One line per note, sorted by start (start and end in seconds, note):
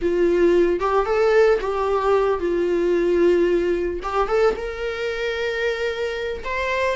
0.01 0.80 F4
0.80 1.05 G4
1.05 1.59 A4
1.60 2.39 G4
2.39 4.00 F4
4.03 4.27 G4
4.27 4.54 A4
4.56 6.43 A#4
6.44 6.96 C5